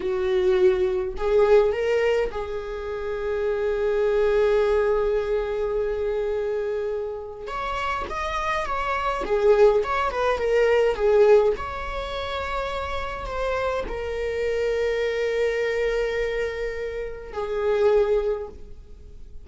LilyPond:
\new Staff \with { instrumentName = "viola" } { \time 4/4 \tempo 4 = 104 fis'2 gis'4 ais'4 | gis'1~ | gis'1~ | gis'4 cis''4 dis''4 cis''4 |
gis'4 cis''8 b'8 ais'4 gis'4 | cis''2. c''4 | ais'1~ | ais'2 gis'2 | }